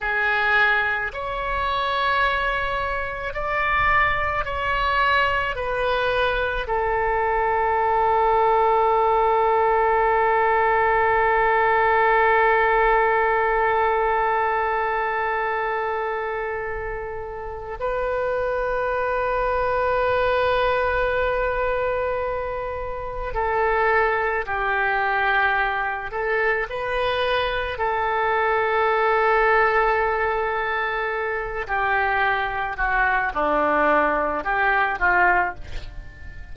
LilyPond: \new Staff \with { instrumentName = "oboe" } { \time 4/4 \tempo 4 = 54 gis'4 cis''2 d''4 | cis''4 b'4 a'2~ | a'1~ | a'1 |
b'1~ | b'4 a'4 g'4. a'8 | b'4 a'2.~ | a'8 g'4 fis'8 d'4 g'8 f'8 | }